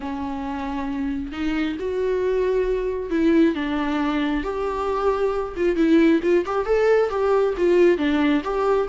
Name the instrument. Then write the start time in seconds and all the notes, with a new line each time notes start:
viola
0.00 C#4
1.32 D#4
1.79 F#4
3.10 E4
3.54 D4
4.43 G4
5.56 F4
5.76 E4
6.22 F4
6.45 G4
6.65 A4
7.09 G4
7.57 F4
7.97 D4
8.44 G4